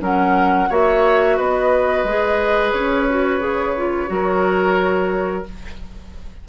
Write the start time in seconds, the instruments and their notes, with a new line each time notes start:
0.00 bassoon F#3, clarinet C#4, oboe A#4, flute F#5
0.69 bassoon A#3, clarinet F#4, oboe C#5, flute E5
1.37 bassoon B3, oboe B4, flute D#5
2.04 bassoon G#3, clarinet G#4
2.71 bassoon C#4, flute C#5
3.09 clarinet F#4
3.39 bassoon C#3, clarinet G#4
3.76 clarinet F4
4.06 bassoon F#3, clarinet F#4, oboe A#4